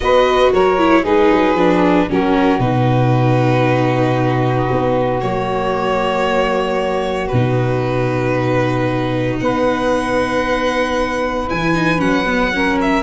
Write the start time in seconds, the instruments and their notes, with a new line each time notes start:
0.00 tuba B3, viola F#4, saxophone B4, violin D#5
0.52 tuba F#3, saxophone A#4, violin C#5
0.78 viola E4
1.01 tuba G#3, viola D#4, saxophone G#4, violin B4
1.31 tuba F#3
1.54 tuba F3, viola D4
2.09 tuba F#3, viola C#4, saxophone F#4, violin A#4
2.59 tuba B2, viola D#4, violin B4
4.71 tuba B3
5.20 tuba F#3, viola A#3, violin C#5
7.27 tuba B2, violin B4
7.34 viola D#4
9.40 tuba B3, saxophone B4, violin F#5
11.48 tuba E3, viola E4, violin G#5
11.74 viola D#4
11.98 tuba F#3, viola C#4, violin F#5
12.26 viola B3
12.53 viola C#4, saxophone A#4
12.81 violin E5